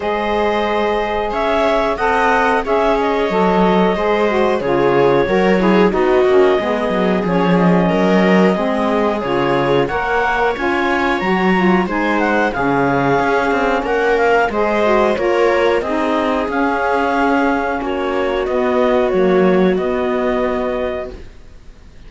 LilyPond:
<<
  \new Staff \with { instrumentName = "clarinet" } { \time 4/4 \tempo 4 = 91 dis''2 e''4 fis''4 | e''8 dis''2~ dis''8 cis''4~ | cis''4 dis''2 cis''8 dis''8~ | dis''2 cis''4 fis''4 |
gis''4 ais''4 gis''8 fis''8 f''4~ | f''4 fis''8 f''8 dis''4 cis''4 | dis''4 f''2 cis''4 | dis''4 cis''4 dis''2 | }
  \new Staff \with { instrumentName = "viola" } { \time 4/4 c''2 cis''4 dis''4 | cis''2 c''4 gis'4 | ais'8 gis'8 fis'4 gis'2 | ais'4 gis'2 cis''4~ |
cis''2 c''4 gis'4~ | gis'4 ais'4 c''4 ais'4 | gis'2. fis'4~ | fis'1 | }
  \new Staff \with { instrumentName = "saxophone" } { \time 4/4 gis'2. a'4 | gis'4 a'4 gis'8 fis'8 f'4 | fis'8 e'8 dis'8 cis'8 b4 cis'4~ | cis'4 c'4 f'4 ais'4 |
f'4 fis'8 f'8 dis'4 cis'4~ | cis'2 gis'8 fis'8 f'4 | dis'4 cis'2. | b4 ais4 b2 | }
  \new Staff \with { instrumentName = "cello" } { \time 4/4 gis2 cis'4 c'4 | cis'4 fis4 gis4 cis4 | fis4 b8 ais8 gis8 fis8 f4 | fis4 gis4 cis4 ais4 |
cis'4 fis4 gis4 cis4 | cis'8 c'8 ais4 gis4 ais4 | c'4 cis'2 ais4 | b4 fis4 b2 | }
>>